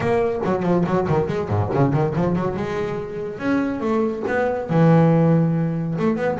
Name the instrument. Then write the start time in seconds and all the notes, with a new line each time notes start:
double bass
0.00 A#3
0.44 F#3
0.63 F3
0.86 F#3
1.08 D#3
1.27 G#3
1.48 G#2
1.74 C#3
1.93 D#3
2.15 F3
2.35 F#3
2.56 G#3
3.38 C#4
3.80 A3
4.27 B3
4.69 E3
5.98 A3
6.16 B3